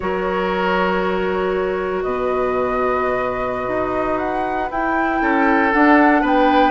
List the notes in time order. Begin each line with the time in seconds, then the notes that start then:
0.00 F#3 F#4 A#4 C#5
2.02 B2 B4 D#5
3.67 D#4
4.18 F#5
4.69 E4 G5
5.21 C#4 A4
5.72 D4 F#5
6.21 B3 B4 G5